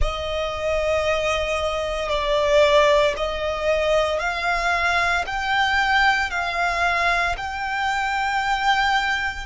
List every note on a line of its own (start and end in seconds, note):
0.01 2.09 D#5
2.09 3.14 D5
3.16 4.19 D#5
4.19 5.24 F5
5.26 6.30 G5
6.30 7.35 F5
7.37 9.46 G5